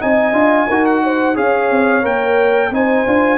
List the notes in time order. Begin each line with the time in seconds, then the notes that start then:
0.00 C4 D#4 D#5 G#5
0.32 D4 F4
0.68 D#4 F#4 A#4
0.85 F#5
1.04 C5
1.35 C#4 G#4 C#5 F5
1.70 C4
2.02 A#3 A#4 G5
2.70 C4 D#4 C5 G#5
3.06 D4 F4